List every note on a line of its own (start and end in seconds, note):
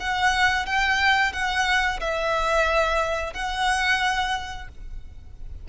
0.00 0.66 F#5
0.66 1.33 G5
1.33 2.00 F#5
2.00 3.33 E5
3.33 4.68 F#5